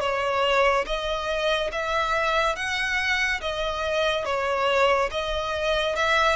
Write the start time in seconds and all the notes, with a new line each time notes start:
0.00 C#5
0.86 D#5
1.71 E5
2.56 F#5
3.41 D#5
4.25 C#5
5.11 D#5
5.95 E5